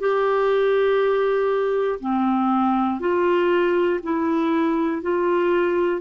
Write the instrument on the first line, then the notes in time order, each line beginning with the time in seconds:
clarinet
0.00 G4
2.00 C4
3.00 F4
4.03 E4
5.02 F4